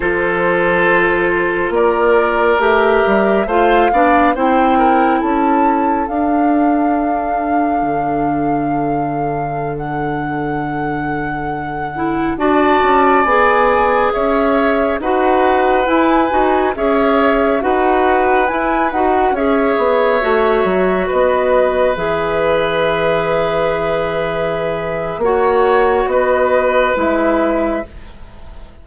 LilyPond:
<<
  \new Staff \with { instrumentName = "flute" } { \time 4/4 \tempo 4 = 69 c''2 d''4 e''4 | f''4 g''4 a''4 f''4~ | f''2.~ f''16 fis''8.~ | fis''2~ fis''16 a''4 gis''8.~ |
gis''16 e''4 fis''4 gis''4 e''8.~ | e''16 fis''4 gis''8 fis''8 e''4.~ e''16~ | e''16 dis''4 e''2~ e''8.~ | e''4 fis''4 dis''4 e''4 | }
  \new Staff \with { instrumentName = "oboe" } { \time 4/4 a'2 ais'2 | c''8 d''8 c''8 ais'8 a'2~ | a'1~ | a'2~ a'16 d''4.~ d''16~ |
d''16 cis''4 b'2 cis''8.~ | cis''16 b'2 cis''4.~ cis''16~ | cis''16 b'2.~ b'8.~ | b'4 cis''4 b'2 | }
  \new Staff \with { instrumentName = "clarinet" } { \time 4/4 f'2. g'4 | f'8 d'8 e'2 d'4~ | d'1~ | d'4.~ d'16 e'8 fis'4 gis'8.~ |
gis'4~ gis'16 fis'4 e'8 fis'8 gis'8.~ | gis'16 fis'4 e'8 fis'8 gis'4 fis'8.~ | fis'4~ fis'16 gis'2~ gis'8.~ | gis'4 fis'2 e'4 | }
  \new Staff \with { instrumentName = "bassoon" } { \time 4/4 f2 ais4 a8 g8 | a8 b8 c'4 cis'4 d'4~ | d'4 d2.~ | d2~ d16 d'8 cis'8 b8.~ |
b16 cis'4 dis'4 e'8 dis'8 cis'8.~ | cis'16 dis'4 e'8 dis'8 cis'8 b8 a8 fis16~ | fis16 b4 e2~ e8.~ | e4 ais4 b4 gis4 | }
>>